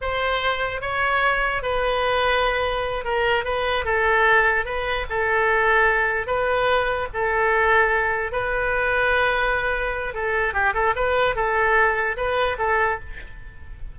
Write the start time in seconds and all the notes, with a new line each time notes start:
0.01 C5
0.81 C#5
1.62 B4
3.04 A#4
3.44 B4
3.84 A4
4.65 B4
5.09 A4
6.27 B4
7.13 A4
8.32 B4
10.14 A4
10.53 G4
10.74 A4
10.95 B4
11.35 A4
12.16 B4
12.58 A4